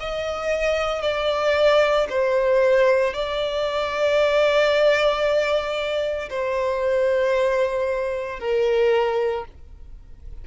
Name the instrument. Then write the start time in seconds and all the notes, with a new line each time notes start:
violin
0.00 D#5
1.01 D5
2.09 C5
3.13 D5
6.29 C5
8.39 A#4